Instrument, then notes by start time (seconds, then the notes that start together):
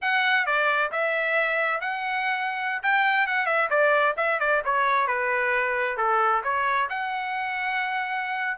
trumpet
0.01 F#5
0.46 D5
0.91 E5
1.80 F#5
2.82 G5
3.26 F#5
3.46 E5
3.70 D5
4.16 E5
4.39 D5
4.65 C#5
5.07 B4
5.97 A4
6.43 C#5
6.89 F#5